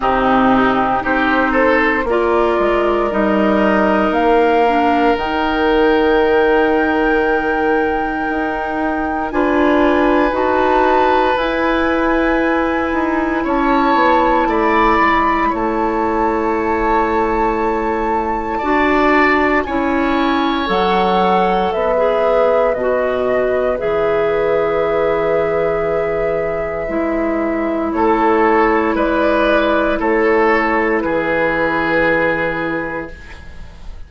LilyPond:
<<
  \new Staff \with { instrumentName = "flute" } { \time 4/4 \tempo 4 = 58 g'4 c''4 d''4 dis''4 | f''4 g''2.~ | g''4 gis''4 a''4 gis''4~ | gis''4 a''4 b''4 a''4~ |
a''2. gis''4 | fis''4 e''4 dis''4 e''4~ | e''2. cis''4 | d''4 cis''4 b'2 | }
  \new Staff \with { instrumentName = "oboe" } { \time 4/4 dis'4 g'8 a'8 ais'2~ | ais'1~ | ais'4 b'2.~ | b'4 cis''4 d''4 cis''4~ |
cis''2 d''4 cis''4~ | cis''4 b'2.~ | b'2. a'4 | b'4 a'4 gis'2 | }
  \new Staff \with { instrumentName = "clarinet" } { \time 4/4 c'4 dis'4 f'4 dis'4~ | dis'8 d'8 dis'2.~ | dis'4 f'4 fis'4 e'4~ | e'1~ |
e'2 fis'4 e'4 | a'4~ a'16 gis'8. fis'4 gis'4~ | gis'2 e'2~ | e'1 | }
  \new Staff \with { instrumentName = "bassoon" } { \time 4/4 c4 c'4 ais8 gis8 g4 | ais4 dis2. | dis'4 d'4 dis'4 e'4~ | e'8 dis'8 cis'8 b8 a8 gis8 a4~ |
a2 d'4 cis'4 | fis4 b4 b,4 e4~ | e2 gis4 a4 | gis4 a4 e2 | }
>>